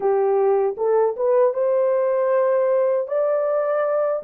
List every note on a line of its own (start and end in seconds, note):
0.00 0.75 G4
0.77 1.15 A4
1.16 1.53 B4
1.53 3.07 C5
3.07 4.23 D5